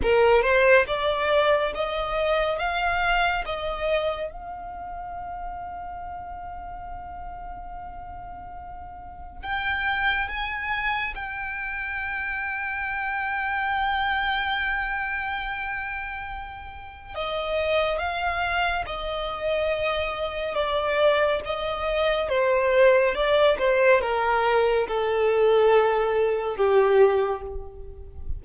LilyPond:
\new Staff \with { instrumentName = "violin" } { \time 4/4 \tempo 4 = 70 ais'8 c''8 d''4 dis''4 f''4 | dis''4 f''2.~ | f''2. g''4 | gis''4 g''2.~ |
g''1 | dis''4 f''4 dis''2 | d''4 dis''4 c''4 d''8 c''8 | ais'4 a'2 g'4 | }